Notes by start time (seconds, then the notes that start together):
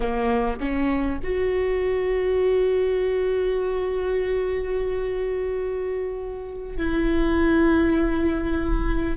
0.00 A#3
0.59 C#4
1.23 F#4
6.77 E4